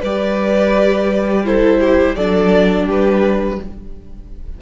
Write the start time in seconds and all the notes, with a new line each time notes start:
0.00 G3 G4 B4 D5
1.45 E4 A4 C5
1.81 G4
2.16 F#3 D4 A4 D5
2.86 G3 G4 B4